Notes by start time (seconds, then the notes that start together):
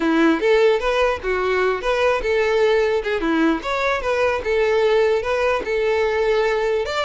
0.00 E4
0.40 A4
0.79 B4
1.23 F#4
1.81 B4
2.22 A4
3.03 G#4
3.20 E4
3.62 C#5
4.01 B4
4.44 A4
5.22 B4
5.65 A4
6.85 D5